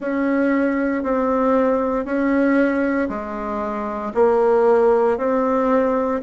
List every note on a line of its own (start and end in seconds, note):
0.00 1.03 C#4
1.03 2.05 C4
2.05 3.08 C#4
3.08 4.12 G#3
4.14 5.17 A#3
5.17 6.21 C4